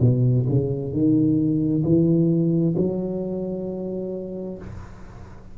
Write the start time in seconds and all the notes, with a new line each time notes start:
0.00 B2
0.49 C#3
0.93 D#3
1.84 E3
2.76 F#3